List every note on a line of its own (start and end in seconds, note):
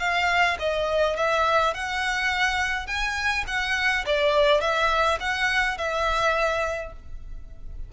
0.00 0.58 F5
0.60 1.17 D#5
1.17 1.74 E5
1.74 2.87 F#5
2.87 3.45 G#5
3.47 4.05 F#5
4.06 4.61 D5
4.61 5.19 E5
5.20 5.78 F#5
5.78 6.93 E5